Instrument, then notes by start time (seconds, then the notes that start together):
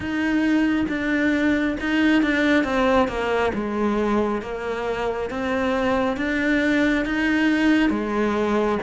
cello
0.00 D#4
0.88 D4
1.80 D#4
2.22 D4
2.64 C4
3.08 A#3
3.53 G#3
4.41 A#3
5.29 C4
6.16 D4
7.05 D#4
7.90 G#3